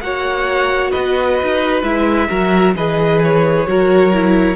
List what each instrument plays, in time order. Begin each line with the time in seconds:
0.00 cello A#3, viola F#4, violin C#5 F#5
0.91 cello B3, violin B4 D#5
1.42 cello D#4
1.82 cello G#3, viola E4, violin E5
2.29 cello F#3, viola F#4, violin A#4
2.75 cello E3, viola G#4, violin B4 D#5
3.23 violin C#5
3.67 cello F#3, viola F#4, violin A#4
4.13 viola E4